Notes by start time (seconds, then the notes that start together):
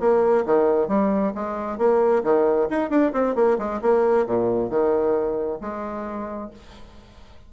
0.00 A#3
0.46 D#3
0.88 G3
1.35 G#3
1.78 A#3
2.24 D#3
2.70 D#4
2.90 D4
3.13 C4
3.35 A#3
3.58 G#3
3.82 A#3
4.26 A#2
4.70 D#3
5.61 G#3